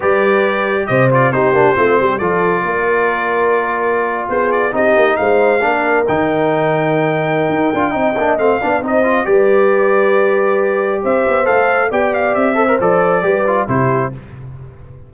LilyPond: <<
  \new Staff \with { instrumentName = "trumpet" } { \time 4/4 \tempo 4 = 136 d''2 dis''8 d''8 c''4~ | c''4 d''2.~ | d''4.~ d''16 c''8 d''8 dis''4 f''16~ | f''4.~ f''16 g''2~ g''16~ |
g''2. f''4 | dis''4 d''2.~ | d''4 e''4 f''4 g''8 f''8 | e''4 d''2 c''4 | }
  \new Staff \with { instrumentName = "horn" } { \time 4/4 b'2 c''4 g'4 | f'8 g'8 a'4 ais'2~ | ais'4.~ ais'16 gis'4 g'4 c''16~ | c''8. ais'2.~ ais'16~ |
ais'2 dis''4. d''8 | c''4 b'2.~ | b'4 c''2 d''4~ | d''8 c''4. b'4 g'4 | }
  \new Staff \with { instrumentName = "trombone" } { \time 4/4 g'2~ g'8 f'8 dis'8 d'8 | c'4 f'2.~ | f'2~ f'8. dis'4~ dis'16~ | dis'8. d'4 dis'2~ dis'16~ |
dis'4. f'8 dis'8 d'8 c'8 d'8 | dis'8 f'8 g'2.~ | g'2 a'4 g'4~ | g'8 a'16 ais'16 a'4 g'8 f'8 e'4 | }
  \new Staff \with { instrumentName = "tuba" } { \time 4/4 g2 c4 c'8 ais8 | a8 g8 f4 ais2~ | ais4.~ ais16 b4 c'8 ais8 gis16~ | gis8. ais4 dis2~ dis16~ |
dis4 dis'8 d'8 c'8 ais8 a8 b8 | c'4 g2.~ | g4 c'8 b8 a4 b4 | c'4 f4 g4 c4 | }
>>